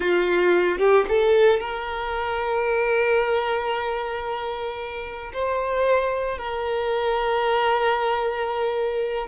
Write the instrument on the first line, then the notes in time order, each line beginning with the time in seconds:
violin
0.00 F4
0.78 G4
1.08 A4
1.60 A#4
5.33 C5
6.38 A#4